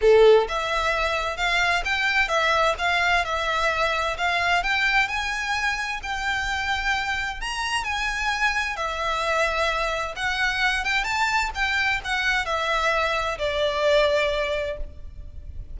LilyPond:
\new Staff \with { instrumentName = "violin" } { \time 4/4 \tempo 4 = 130 a'4 e''2 f''4 | g''4 e''4 f''4 e''4~ | e''4 f''4 g''4 gis''4~ | gis''4 g''2. |
ais''4 gis''2 e''4~ | e''2 fis''4. g''8 | a''4 g''4 fis''4 e''4~ | e''4 d''2. | }